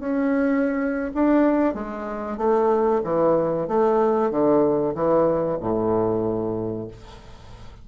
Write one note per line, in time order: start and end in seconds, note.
0.00 1.12 C#4
1.14 1.74 D4
1.74 2.38 G#3
2.38 3.01 A3
3.04 3.68 E3
3.68 4.31 A3
4.31 4.95 D3
4.95 5.59 E3
5.61 6.88 A2